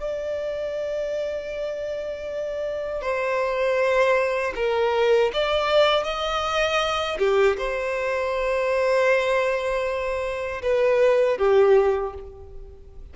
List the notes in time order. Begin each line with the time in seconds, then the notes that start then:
0.00 D5
3.01 C5
4.55 A#4
5.34 D5
6.04 D#5
7.18 G4
7.58 C5
10.62 B4
11.38 G4